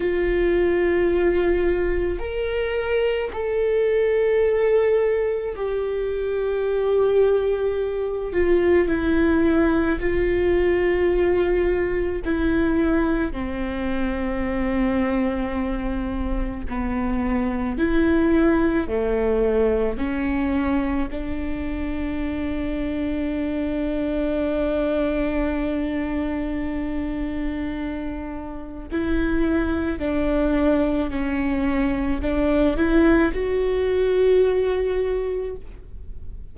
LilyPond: \new Staff \with { instrumentName = "viola" } { \time 4/4 \tempo 4 = 54 f'2 ais'4 a'4~ | a'4 g'2~ g'8 f'8 | e'4 f'2 e'4 | c'2. b4 |
e'4 a4 cis'4 d'4~ | d'1~ | d'2 e'4 d'4 | cis'4 d'8 e'8 fis'2 | }